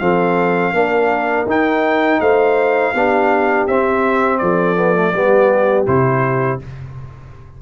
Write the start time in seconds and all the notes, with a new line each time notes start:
0.00 F3 C4 A4 F5
0.73 A#3 D4 A#4
1.46 D#4 G5
2.20 A3 C5 F5
2.93 B3 D4 G4
3.67 C4 E5
4.38 F3 A4 D5
4.76 B3
4.95 A3
5.13 G3 B3 G4
5.86 C3 E4 C5